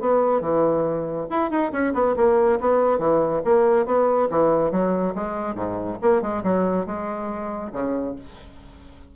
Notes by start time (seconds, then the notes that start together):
0.00 B3
0.41 E3
1.30 E4
1.50 D#4
1.72 C#4
1.94 B3
2.16 A#3
2.60 B3
2.98 E3
3.44 A#3
3.86 B3
4.30 E3
4.71 F#3
5.14 G#3
5.55 G#2
6.01 A#3
6.21 G#3
6.43 F#3
6.86 G#3
7.72 C#3